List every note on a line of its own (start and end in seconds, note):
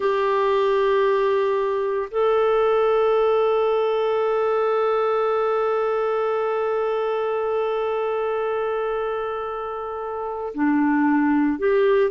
0.00 2.09 G4
2.11 10.53 A4
10.54 11.58 D4
11.58 12.11 G4